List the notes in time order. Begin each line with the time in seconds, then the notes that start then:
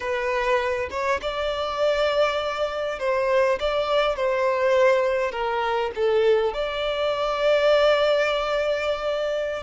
0.00 B4
0.90 C#5
1.21 D5
2.99 C5
3.59 D5
4.16 C5
5.31 A#4
5.95 A4
6.53 D5